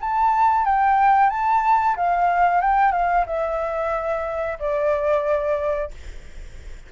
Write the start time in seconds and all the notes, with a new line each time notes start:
0.00 A5
0.65 G5
1.29 A5
1.96 F5
2.61 G5
2.92 F5
3.26 E5
4.59 D5